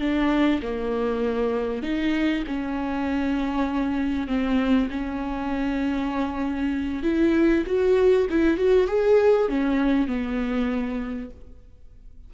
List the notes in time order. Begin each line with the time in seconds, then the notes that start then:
0.00 D4
0.62 A#3
1.83 D#4
2.47 C#4
4.27 C4
4.90 C#4
7.03 E4
7.66 F#4
8.30 E4
8.58 F#4
8.88 G#4
9.49 C#4
10.08 B3